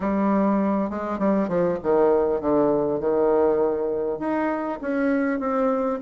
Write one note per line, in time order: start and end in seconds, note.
0.00 0.89 G3
0.89 1.18 G#3
1.18 1.48 G3
1.48 1.78 F3
1.82 2.40 D#3
2.40 2.99 D3
2.99 4.19 D#3
4.19 4.79 D#4
4.81 5.39 C#4
5.39 5.99 C4